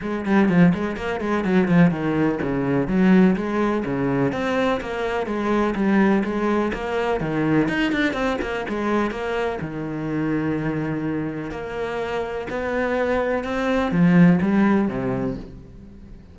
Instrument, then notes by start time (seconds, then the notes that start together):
cello
0.01 G#3
0.25 G3
0.48 F3
0.74 G#3
0.96 A#3
1.20 G#3
1.44 F#3
1.68 F3
1.90 D#3
2.42 C#3
2.87 F#3
3.36 G#3
3.85 C#3
4.32 C4
4.80 A#3
5.26 G#3
5.75 G3
6.24 G#3
6.73 A#3
7.20 D#3
7.68 D#4
7.92 D4
8.13 C4
8.41 A#3
8.69 G#3
9.10 A#3
9.61 D#3
11.51 A#3
12.50 B3
13.43 C4
13.91 F3
14.41 G3
14.88 C3